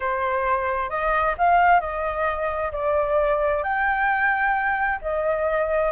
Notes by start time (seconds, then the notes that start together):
0.00 C5
0.89 D#5
1.38 F5
1.80 D#5
2.72 D5
3.63 G5
5.01 D#5